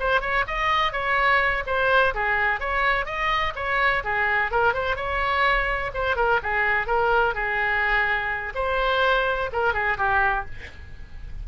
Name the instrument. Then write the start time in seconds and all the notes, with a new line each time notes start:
oboe
0.00 C5
0.21 C#5
0.47 D#5
0.93 C#5
1.67 C5
2.15 G#4
2.61 C#5
3.06 D#5
3.56 C#5
4.04 G#4
4.51 A#4
4.74 C5
4.97 C#5
5.94 C5
6.16 A#4
6.43 G#4
6.87 A#4
7.35 G#4
8.55 C5
9.53 A#4
9.74 G#4
9.98 G4